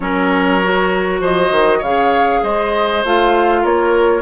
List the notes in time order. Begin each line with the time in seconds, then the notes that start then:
0.00 F#3 C#4 A#4 C#5
0.62 F#4
1.20 F3 C5 D#5
1.51 D#3
1.78 C#3 C#5 F5
1.84 G#4
2.42 G#3 C5 D#5
3.04 A3 F4 F5
3.61 A#3 A#4 C#5